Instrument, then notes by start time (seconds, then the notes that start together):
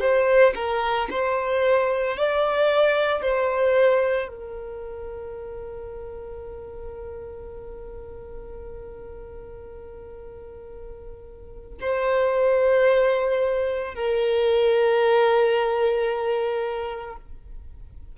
violin
0.00 C5
0.56 A#4
1.11 C5
2.17 D5
3.22 C5
4.29 A#4
11.81 C5
13.95 A#4